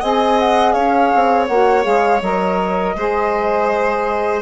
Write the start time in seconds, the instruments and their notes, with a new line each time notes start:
0.00 bassoon C4, saxophone G#4, violin D#5, flute G#5
0.39 flute F#5
0.72 bassoon C#4, violin C#5, flute F5
1.14 bassoon C4
1.46 bassoon A#3, saxophone F#4, flute F#5
1.82 bassoon G#3, saxophone G#4, flute F5
2.21 bassoon F#3, saxophone A#4, flute D#5
2.95 bassoon G#3, saxophone G#4, violin C5